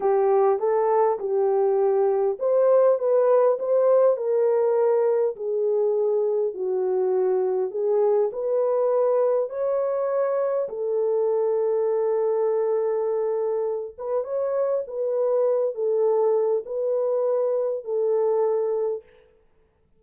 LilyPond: \new Staff \with { instrumentName = "horn" } { \time 4/4 \tempo 4 = 101 g'4 a'4 g'2 | c''4 b'4 c''4 ais'4~ | ais'4 gis'2 fis'4~ | fis'4 gis'4 b'2 |
cis''2 a'2~ | a'2.~ a'8 b'8 | cis''4 b'4. a'4. | b'2 a'2 | }